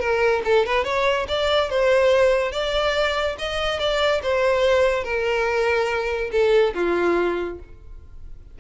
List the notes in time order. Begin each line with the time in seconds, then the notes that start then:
0.00 A#4
0.45 A4
0.66 B4
0.84 C#5
1.28 D5
1.70 C5
2.52 D5
3.39 D#5
3.79 D5
4.23 C5
5.04 A#4
6.32 A4
6.75 F4